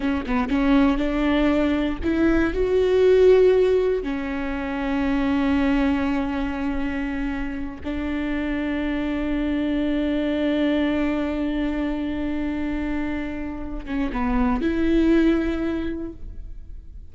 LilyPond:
\new Staff \with { instrumentName = "viola" } { \time 4/4 \tempo 4 = 119 cis'8 b8 cis'4 d'2 | e'4 fis'2. | cis'1~ | cis'2.~ cis'8 d'8~ |
d'1~ | d'1~ | d'2.~ d'8 cis'8 | b4 e'2. | }